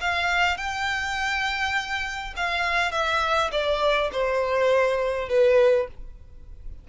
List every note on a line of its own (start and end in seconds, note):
0.00 0.57 F5
0.57 2.33 G5
2.36 2.91 F5
2.91 3.50 E5
3.51 4.10 D5
4.11 5.29 C5
5.29 5.87 B4